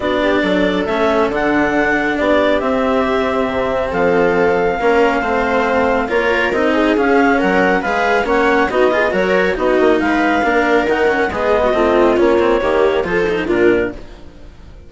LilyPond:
<<
  \new Staff \with { instrumentName = "clarinet" } { \time 4/4 \tempo 4 = 138 d''2 e''4 fis''4~ | fis''4 d''4 e''2~ | e''4 f''2.~ | f''2 cis''4 dis''4 |
f''4 fis''4 f''4 fis''4 | dis''4 cis''4 dis''4 f''4~ | f''4 fis''4 dis''2 | cis''2 c''4 ais'4 | }
  \new Staff \with { instrumentName = "viola" } { \time 4/4 fis'8 g'8 a'2.~ | a'4 g'2.~ | g'4 a'2 ais'4 | c''2 ais'4. gis'8~ |
gis'4 ais'4 b'4 cis''4 | fis'8 gis'8 ais'4 fis'4 b'4 | ais'2 gis'8. fis'16 f'4~ | f'4 g'4 a'4 f'4 | }
  \new Staff \with { instrumentName = "cello" } { \time 4/4 d'2 cis'4 d'4~ | d'2 c'2~ | c'2. cis'4 | c'2 f'4 dis'4 |
cis'2 gis'4 cis'4 | dis'8 f'8 fis'4 dis'2 | d'4 dis'8 cis'8 b4 c'4 | cis'8 c'8 ais4 f'8 dis'8 d'4 | }
  \new Staff \with { instrumentName = "bassoon" } { \time 4/4 b4 fis4 a4 d4~ | d4 b4 c'2 | c4 f2 ais4 | a2 ais4 c'4 |
cis'4 fis4 gis4 ais4 | b4 fis4 b8 ais8 gis4 | ais4 dis4 gis4 a4 | ais4 dis4 f4 ais,4 | }
>>